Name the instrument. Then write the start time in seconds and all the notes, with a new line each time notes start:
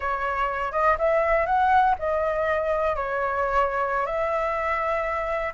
flute
0.00 C#5
0.72 D#5
0.98 E5
1.46 F#5
1.98 D#5
2.96 C#5
4.06 E5